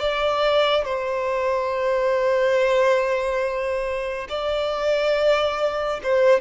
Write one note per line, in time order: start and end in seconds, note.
0.00 0.85 D5
0.85 4.28 C5
4.29 6.01 D5
6.04 6.41 C5